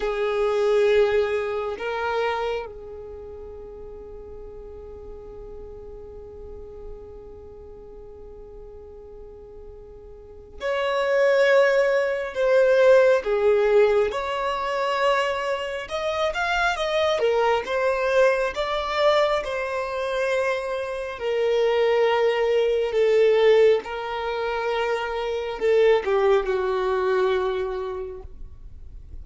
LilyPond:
\new Staff \with { instrumentName = "violin" } { \time 4/4 \tempo 4 = 68 gis'2 ais'4 gis'4~ | gis'1~ | gis'1 | cis''2 c''4 gis'4 |
cis''2 dis''8 f''8 dis''8 ais'8 | c''4 d''4 c''2 | ais'2 a'4 ais'4~ | ais'4 a'8 g'8 fis'2 | }